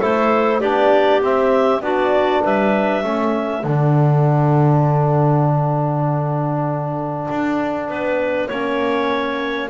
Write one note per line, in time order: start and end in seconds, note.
0.00 0.62 A3
0.00 0.61 E4
0.00 0.60 A4
0.00 0.60 C5
0.60 1.22 B3
0.60 1.21 D4
0.60 1.81 G4
0.60 1.21 D5
1.21 1.82 C4
1.21 1.81 C4
1.21 1.82 E5
1.81 2.41 B3
1.81 3.03 D4
1.81 2.43 F#4
1.81 2.42 D5
2.43 3.04 G3
2.43 3.04 B4
2.43 3.65 E5
3.03 3.64 A3
3.03 3.63 C#4
3.03 7.88 A4
3.64 7.27 D3
3.64 8.50 D4
3.64 9.70 F#5
7.30 7.88 D4
7.88 8.49 B3
7.88 8.48 B4
8.48 9.70 A#3
8.48 9.70 C#4
8.48 9.69 C#5